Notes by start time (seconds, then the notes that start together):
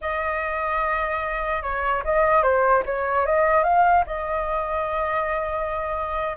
0.01 D#5
1.62 C#5
2.04 D#5
2.42 C5
2.85 C#5
3.26 D#5
3.63 F5
4.06 D#5